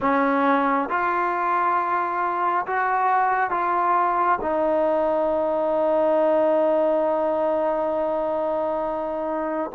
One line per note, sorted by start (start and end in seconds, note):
0.00 0.89 C#4
0.89 2.66 F4
2.66 3.50 F#4
3.50 4.38 F4
4.41 9.70 D#4